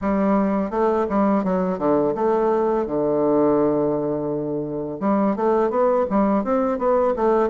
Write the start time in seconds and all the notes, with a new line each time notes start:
0.01 G3
0.70 A3
1.09 G3
1.44 F#3
1.78 D3
2.15 A3
2.86 D3
5.00 G3
5.36 A3
5.69 B3
6.10 G3
6.44 C4
6.78 B3
7.16 A3